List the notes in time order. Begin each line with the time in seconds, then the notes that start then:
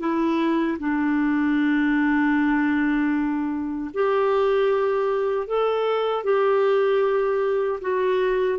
0.00 E4
0.79 D4
3.94 G4
5.47 A4
6.24 G4
7.81 F#4